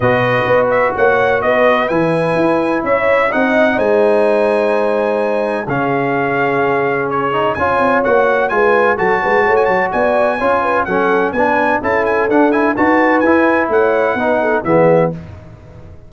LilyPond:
<<
  \new Staff \with { instrumentName = "trumpet" } { \time 4/4 \tempo 4 = 127 dis''4. e''8 fis''4 dis''4 | gis''2 e''4 fis''4 | gis''1 | f''2. cis''4 |
gis''4 fis''4 gis''4 a''4~ | a''16 gis''16 a''8 gis''2 fis''4 | gis''4 a''8 gis''8 fis''8 gis''8 a''4 | gis''4 fis''2 e''4 | }
  \new Staff \with { instrumentName = "horn" } { \time 4/4 b'2 cis''4 b'4~ | b'2 cis''4 dis''4 | c''1 | gis'1 |
cis''2 b'4 a'8 b'8 | cis''4 d''4 cis''8 b'8 a'4 | b'4 a'2 b'4~ | b'4 cis''4 b'8 a'8 gis'4 | }
  \new Staff \with { instrumentName = "trombone" } { \time 4/4 fis'1 | e'2. dis'4~ | dis'1 | cis'2.~ cis'8 dis'8 |
f'4 fis'4 f'4 fis'4~ | fis'2 f'4 cis'4 | d'4 e'4 d'8 e'8 fis'4 | e'2 dis'4 b4 | }
  \new Staff \with { instrumentName = "tuba" } { \time 4/4 b,4 b4 ais4 b4 | e4 e'4 cis'4 c'4 | gis1 | cis1 |
cis'8 c'8 ais4 gis4 fis8 gis8 | a8 fis8 b4 cis'4 fis4 | b4 cis'4 d'4 dis'4 | e'4 a4 b4 e4 | }
>>